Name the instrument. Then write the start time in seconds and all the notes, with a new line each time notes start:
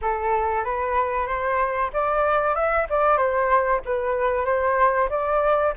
flute
0.01 A4
0.64 B4
1.26 C5
1.93 D5
2.55 E5
2.89 D5
3.17 C5
3.85 B4
4.45 C5
5.09 D5